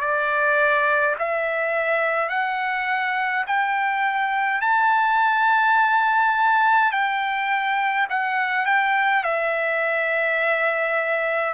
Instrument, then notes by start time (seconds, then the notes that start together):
trumpet
0.00 D5
1.19 E5
2.29 F#5
3.47 G5
4.61 A5
6.91 G5
8.09 F#5
8.65 G5
9.24 E5